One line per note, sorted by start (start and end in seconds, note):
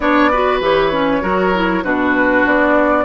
0.00 0.60 B3
0.00 0.31 D4
0.00 0.31 C#5
0.00 0.59 D5
0.31 0.61 F#4
0.31 1.22 B4
0.60 1.21 E3
0.60 0.92 G4
0.60 1.84 C#5
0.92 1.21 C#4
1.21 1.83 F#3
1.21 1.52 F#4
1.21 1.83 A#4
1.54 1.83 E4
1.83 2.45 B2
1.83 3.04 D4
1.83 3.04 F#4
1.83 2.45 B4
2.46 3.04 B3
2.46 3.04 D5